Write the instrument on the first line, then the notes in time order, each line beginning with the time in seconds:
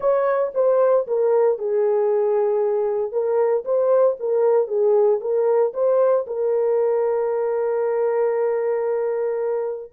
horn
0.00 C#5
0.54 C5
1.07 A#4
1.58 G#4
3.12 A#4
3.64 C5
4.19 A#4
4.67 G#4
5.20 A#4
5.73 C5
6.26 A#4